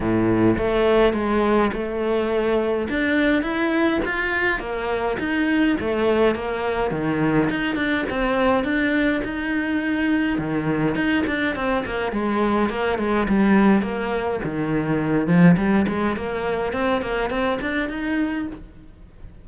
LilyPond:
\new Staff \with { instrumentName = "cello" } { \time 4/4 \tempo 4 = 104 a,4 a4 gis4 a4~ | a4 d'4 e'4 f'4 | ais4 dis'4 a4 ais4 | dis4 dis'8 d'8 c'4 d'4 |
dis'2 dis4 dis'8 d'8 | c'8 ais8 gis4 ais8 gis8 g4 | ais4 dis4. f8 g8 gis8 | ais4 c'8 ais8 c'8 d'8 dis'4 | }